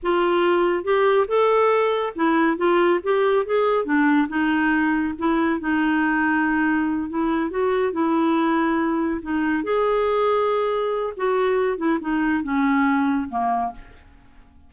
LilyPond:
\new Staff \with { instrumentName = "clarinet" } { \time 4/4 \tempo 4 = 140 f'2 g'4 a'4~ | a'4 e'4 f'4 g'4 | gis'4 d'4 dis'2 | e'4 dis'2.~ |
dis'8 e'4 fis'4 e'4.~ | e'4. dis'4 gis'4.~ | gis'2 fis'4. e'8 | dis'4 cis'2 ais4 | }